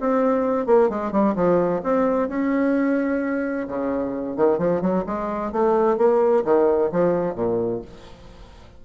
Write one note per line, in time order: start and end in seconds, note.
0.00 0.66 C4
0.66 0.89 A#3
0.89 1.12 G#3
1.12 1.35 G3
1.35 1.81 F3
1.83 2.29 C4
2.29 3.67 C#4
3.68 4.37 C#3
4.37 4.58 D#3
4.58 4.81 F3
4.81 5.04 F#3
5.06 5.52 G#3
5.52 5.97 A3
5.97 6.44 A#3
6.45 6.91 D#3
6.92 7.35 F3
7.35 7.81 A#2